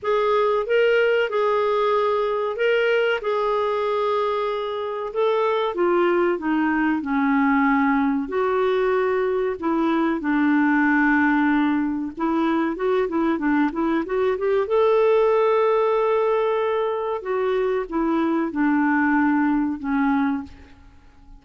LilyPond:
\new Staff \with { instrumentName = "clarinet" } { \time 4/4 \tempo 4 = 94 gis'4 ais'4 gis'2 | ais'4 gis'2. | a'4 f'4 dis'4 cis'4~ | cis'4 fis'2 e'4 |
d'2. e'4 | fis'8 e'8 d'8 e'8 fis'8 g'8 a'4~ | a'2. fis'4 | e'4 d'2 cis'4 | }